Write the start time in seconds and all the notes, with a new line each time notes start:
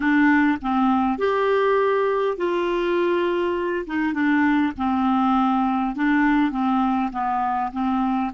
0.00 D4
0.61 C4
1.18 G4
2.37 F4
3.86 D#4
4.13 D4
4.77 C4
5.95 D4
6.51 C4
7.12 B3
7.72 C4